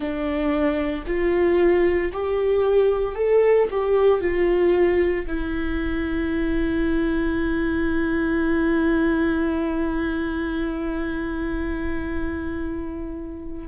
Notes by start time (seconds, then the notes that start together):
0.00 D4
1.06 F4
2.12 G4
3.15 A4
3.70 G4
4.21 F4
5.26 E4